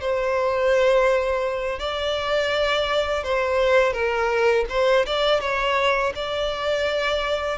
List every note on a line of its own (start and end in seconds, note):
0.00 1.79 C5
1.79 3.23 D5
3.23 3.92 C5
3.92 4.65 A#4
4.69 5.05 C5
5.05 5.40 D5
5.40 6.12 C#5
6.14 7.58 D5